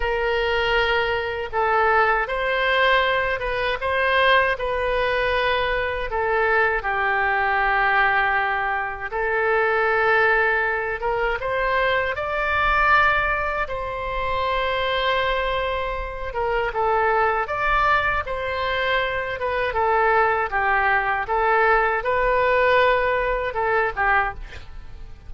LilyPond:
\new Staff \with { instrumentName = "oboe" } { \time 4/4 \tempo 4 = 79 ais'2 a'4 c''4~ | c''8 b'8 c''4 b'2 | a'4 g'2. | a'2~ a'8 ais'8 c''4 |
d''2 c''2~ | c''4. ais'8 a'4 d''4 | c''4. b'8 a'4 g'4 | a'4 b'2 a'8 g'8 | }